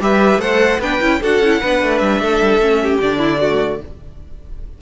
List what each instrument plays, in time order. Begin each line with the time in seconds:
0.00 cello G3, viola G4, violin B4 E5
0.37 cello A3, viola A4, violin C5 F#5
0.79 cello B3, viola D4, violin B4 G5
1.00 cello C#4, viola E4
1.20 cello D4, viola F#4, violin A4 F#5
1.40 cello C#4, viola E4
1.60 cello B3, viola D4, violin B4
1.82 cello A3
1.98 cello G3, violin E5
2.20 cello A3, violin A4
2.41 cello G3
2.58 cello A3, viola C#4
2.83 violin G4
3.01 cello D3, viola D4, violin D5
3.18 violin E4
3.40 viola A3, violin F#4